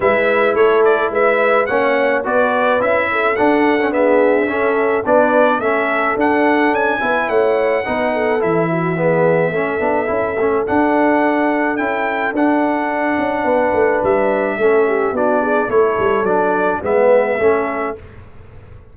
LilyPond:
<<
  \new Staff \with { instrumentName = "trumpet" } { \time 4/4 \tempo 4 = 107 e''4 cis''8 d''8 e''4 fis''4 | d''4 e''4 fis''4 e''4~ | e''4 d''4 e''4 fis''4 | gis''4 fis''2 e''4~ |
e''2. fis''4~ | fis''4 g''4 fis''2~ | fis''4 e''2 d''4 | cis''4 d''4 e''2 | }
  \new Staff \with { instrumentName = "horn" } { \time 4/4 b'4 a'4 b'4 cis''4 | b'4. a'4. gis'4 | a'4 b'4 a'2~ | a'8 b'8 cis''4 b'8 a'4 fis'8 |
gis'4 a'2.~ | a'1 | b'2 a'8 g'8 fis'8 gis'8 | a'2 b'4 a'4 | }
  \new Staff \with { instrumentName = "trombone" } { \time 4/4 e'2. cis'4 | fis'4 e'4 d'8. cis'16 b4 | cis'4 d'4 cis'4 d'4~ | d'8 e'4. dis'4 e'4 |
b4 cis'8 d'8 e'8 cis'8 d'4~ | d'4 e'4 d'2~ | d'2 cis'4 d'4 | e'4 d'4 b4 cis'4 | }
  \new Staff \with { instrumentName = "tuba" } { \time 4/4 gis4 a4 gis4 ais4 | b4 cis'4 d'2 | cis'4 b4 a4 d'4 | cis'8 b8 a4 b4 e4~ |
e4 a8 b8 cis'8 a8 d'4~ | d'4 cis'4 d'4. cis'8 | b8 a8 g4 a4 b4 | a8 g8 fis4 gis4 a4 | }
>>